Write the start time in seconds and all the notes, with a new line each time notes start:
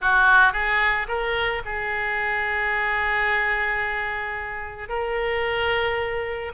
0.01 F#4
0.52 G#4
1.08 A#4
1.65 G#4
4.88 A#4